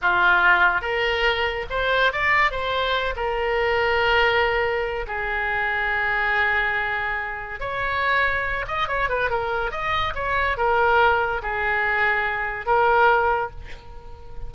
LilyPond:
\new Staff \with { instrumentName = "oboe" } { \time 4/4 \tempo 4 = 142 f'2 ais'2 | c''4 d''4 c''4. ais'8~ | ais'1 | gis'1~ |
gis'2 cis''2~ | cis''8 dis''8 cis''8 b'8 ais'4 dis''4 | cis''4 ais'2 gis'4~ | gis'2 ais'2 | }